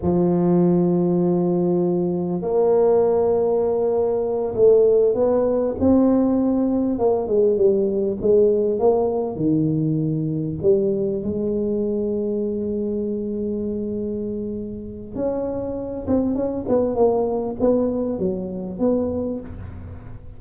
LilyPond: \new Staff \with { instrumentName = "tuba" } { \time 4/4 \tempo 4 = 99 f1 | ais2.~ ais8 a8~ | a8 b4 c'2 ais8 | gis8 g4 gis4 ais4 dis8~ |
dis4. g4 gis4.~ | gis1~ | gis4 cis'4. c'8 cis'8 b8 | ais4 b4 fis4 b4 | }